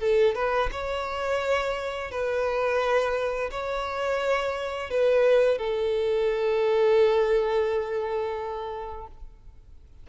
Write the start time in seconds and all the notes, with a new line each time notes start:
0.00 A4
0.35 B4
0.72 C#5
2.11 B4
3.51 C#5
4.90 B4
5.58 A4